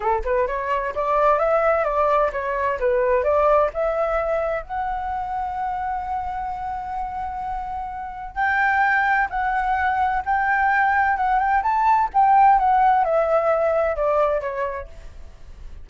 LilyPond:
\new Staff \with { instrumentName = "flute" } { \time 4/4 \tempo 4 = 129 a'8 b'8 cis''4 d''4 e''4 | d''4 cis''4 b'4 d''4 | e''2 fis''2~ | fis''1~ |
fis''2 g''2 | fis''2 g''2 | fis''8 g''8 a''4 g''4 fis''4 | e''2 d''4 cis''4 | }